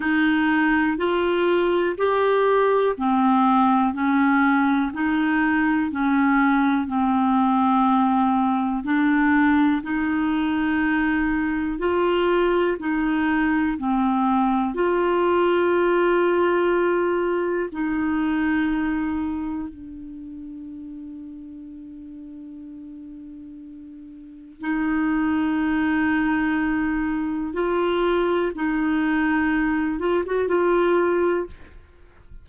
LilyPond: \new Staff \with { instrumentName = "clarinet" } { \time 4/4 \tempo 4 = 61 dis'4 f'4 g'4 c'4 | cis'4 dis'4 cis'4 c'4~ | c'4 d'4 dis'2 | f'4 dis'4 c'4 f'4~ |
f'2 dis'2 | d'1~ | d'4 dis'2. | f'4 dis'4. f'16 fis'16 f'4 | }